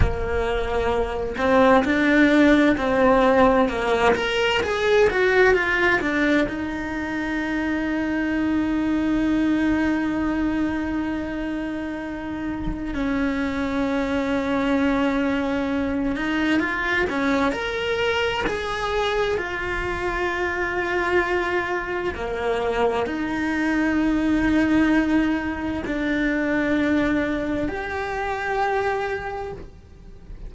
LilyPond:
\new Staff \with { instrumentName = "cello" } { \time 4/4 \tempo 4 = 65 ais4. c'8 d'4 c'4 | ais8 ais'8 gis'8 fis'8 f'8 d'8 dis'4~ | dis'1~ | dis'2 cis'2~ |
cis'4. dis'8 f'8 cis'8 ais'4 | gis'4 f'2. | ais4 dis'2. | d'2 g'2 | }